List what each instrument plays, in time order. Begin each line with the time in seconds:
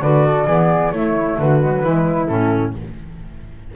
0.00 double bass D3, clarinet F#4, flute B4 D5
0.25 flute A4
0.46 double bass E3, clarinet B3, flute G#4
0.92 double bass A3, clarinet A3, flute E4 C#5
1.38 double bass D3, flute F#4 B4
1.61 clarinet G#3
1.71 clarinet F#3
1.83 double bass E3, clarinet G#3, flute E4
2.26 double bass A2, clarinet C#4, flute A4